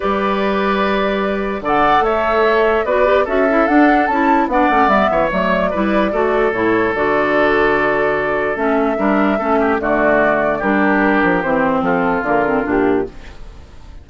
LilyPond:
<<
  \new Staff \with { instrumentName = "flute" } { \time 4/4 \tempo 4 = 147 d''1 | fis''4 e''2 d''4 | e''4 fis''4 a''4 fis''4 | e''4 d''2. |
cis''4 d''2.~ | d''4 e''2. | d''2 ais'2 | c''4 a'4 ais'4 g'4 | }
  \new Staff \with { instrumentName = "oboe" } { \time 4/4 b'1 | d''4 cis''2 b'4 | a'2. d''4~ | d''8 cis''4. b'4 a'4~ |
a'1~ | a'2 ais'4 a'8 g'8 | fis'2 g'2~ | g'4 f'2. | }
  \new Staff \with { instrumentName = "clarinet" } { \time 4/4 g'1 | a'2. fis'8 g'8 | fis'8 e'8 d'4 e'4 d'8 cis'8 | b4 a4 e'4 fis'4 |
e'4 fis'2.~ | fis'4 cis'4 d'4 cis'4 | a2 d'2 | c'2 ais8 c'8 d'4 | }
  \new Staff \with { instrumentName = "bassoon" } { \time 4/4 g1 | d4 a2 b4 | cis'4 d'4 cis'4 b8 a8 | g8 e8 fis4 g4 a4 |
a,4 d2.~ | d4 a4 g4 a4 | d2 g4. f8 | e4 f4 d4 ais,4 | }
>>